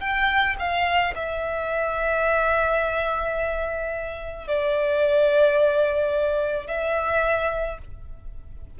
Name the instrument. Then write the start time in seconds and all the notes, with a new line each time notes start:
violin
0.00 G5
0.59 F5
1.15 E5
4.47 D5
6.67 E5